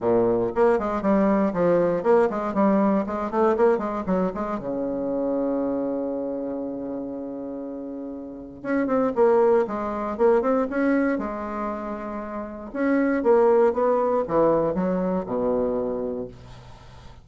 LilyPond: \new Staff \with { instrumentName = "bassoon" } { \time 4/4 \tempo 4 = 118 ais,4 ais8 gis8 g4 f4 | ais8 gis8 g4 gis8 a8 ais8 gis8 | fis8 gis8 cis2.~ | cis1~ |
cis4 cis'8 c'8 ais4 gis4 | ais8 c'8 cis'4 gis2~ | gis4 cis'4 ais4 b4 | e4 fis4 b,2 | }